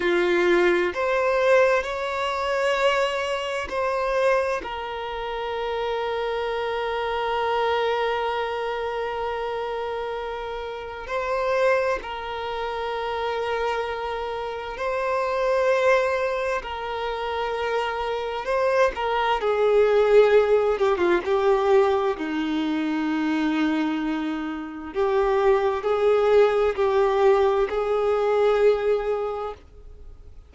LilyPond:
\new Staff \with { instrumentName = "violin" } { \time 4/4 \tempo 4 = 65 f'4 c''4 cis''2 | c''4 ais'2.~ | ais'1 | c''4 ais'2. |
c''2 ais'2 | c''8 ais'8 gis'4. g'16 f'16 g'4 | dis'2. g'4 | gis'4 g'4 gis'2 | }